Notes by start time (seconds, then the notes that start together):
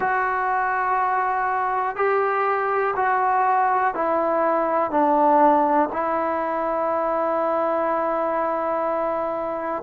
0.00 F#4
1.95 G4
2.96 F#4
3.94 E4
4.90 D4
5.92 E4